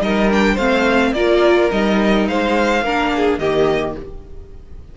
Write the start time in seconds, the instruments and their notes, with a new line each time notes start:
0.00 cello G3, viola D#4, violin A#4 D#5
0.31 viola D4, violin G5
0.54 cello A3, viola C4, violin C5 F5
1.13 cello A#3, viola F4, violin A#4 D5
1.71 cello G3, viola D#4, violin D#5
2.28 cello G#3, violin C5 F5
2.82 cello A#3, viola D4, violin A#4
3.16 violin G#4
3.39 cello D#3, viola A#3, violin G4 D#5